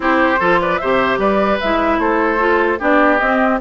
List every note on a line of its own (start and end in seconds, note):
0.00 0.38 C4
0.00 0.37 E4
0.00 0.39 G4
0.00 0.61 C5
0.39 0.80 F3
0.39 0.81 F4
0.39 0.59 A4
0.61 0.80 B4
0.61 0.77 D5
0.77 1.18 C3
0.77 1.62 G4
0.77 1.19 C5
0.77 1.17 E5
1.18 1.58 G3
1.18 1.99 B4
1.18 1.59 D5
1.60 1.98 G#3
1.60 2.38 E4
1.60 1.99 E5
1.98 2.78 A3
1.98 2.79 A4
1.98 2.79 C5
2.38 2.78 F4
2.79 3.20 B3
2.79 3.19 D4
2.79 3.59 G4
2.79 3.18 D5
3.18 3.60 C4
3.18 3.58 D#5